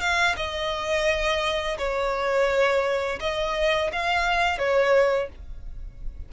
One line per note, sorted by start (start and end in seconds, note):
0.00 0.35 F5
0.36 1.77 D#5
1.78 3.19 C#5
3.20 3.90 D#5
3.92 4.58 F5
4.58 5.29 C#5